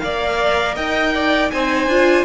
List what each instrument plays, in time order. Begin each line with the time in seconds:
0.00 cello A#3, viola A#4, violin D5 F5
0.75 cello D#4, violin D#5 G5
1.14 violin D5
1.51 cello C4, viola D#4, violin C5 G#5
1.87 cello D4, viola F4